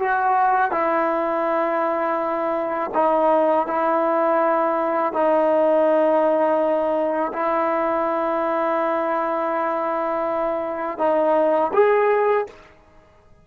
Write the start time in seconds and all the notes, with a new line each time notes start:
0.00 F#4
0.72 E4
2.94 D#4
3.67 E4
5.13 D#4
7.33 E4
10.99 D#4
11.74 G#4